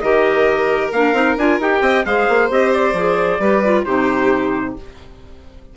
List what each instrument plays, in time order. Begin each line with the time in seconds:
0.00 bassoon D#3, clarinet G4, violin A#4, trumpet D#5
0.92 bassoon A#3, clarinet D4, trumpet F5
1.13 bassoon C4, clarinet D#4
1.38 bassoon D4, clarinet F4, trumpet G#5
1.59 bassoon D#4, clarinet G4, trumpet G5
1.81 bassoon C4, violin D#5
2.05 bassoon G#3, clarinet G#4, violin C5, trumpet F5
2.29 bassoon A#3
2.50 bassoon C4, clarinet G4, trumpet D#5
2.73 trumpet D5
2.93 bassoon F3, clarinet G#4
3.39 bassoon G3, clarinet G4, violin B4
3.64 clarinet F4
3.84 bassoon C3, clarinet D#4, violin G4, trumpet C5